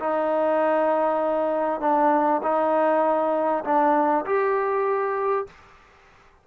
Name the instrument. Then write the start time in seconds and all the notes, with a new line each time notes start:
trombone
0.00 D#4
1.81 D4
2.43 D#4
3.65 D4
4.26 G4